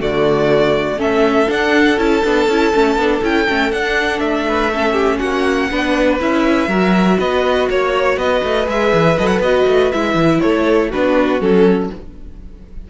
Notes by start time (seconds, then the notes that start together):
0.00 D3 A3 F#4 D5
0.98 A3 C#4 A4 E5
1.48 D4 F#5
1.98 C#4 E4 A5
2.25 B3 D4
2.48 C#4 E4
2.74 A3 C#4
2.96 B3 D4
3.23 C#4 E4 G5
3.48 A3 C#4
3.72 D4 F#5
4.20 A3 E5
4.48 B4
4.72 C#4 A4
4.93 G4
5.19 A#3 F#4 F#5
5.71 B3 D4 B4
6.20 C#4 E4 E5
6.68 F#3 F#4 A#4
7.19 B3 B4 D#5
7.70 A#3 C#5
8.17 B3 B4 D#5
8.43 A3
8.66 G#3 G#4 E5
8.93 E3
9.18 F#3 A4 D#5
9.27 F#5
9.40 B3 F#4 D#5
9.67 A3
9.92 G#3 E4 E5
10.15 E3
10.41 A3 A4 C#5
10.89 B3 D4 F#4 B4
11.41 F#3 C#4 A4